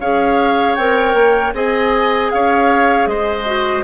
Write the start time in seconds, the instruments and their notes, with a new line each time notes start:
0.00 bassoon C#4, clarinet G#4, oboe C#5, flute F5
0.75 bassoon C4, clarinet A#4, flute G5
1.14 bassoon A#3
1.54 bassoon C4, clarinet G#4, oboe D#5, flute G#5
2.31 bassoon C#4, oboe C#5, flute F5
3.06 bassoon G#3, oboe C5, flute D#5
3.45 clarinet F#4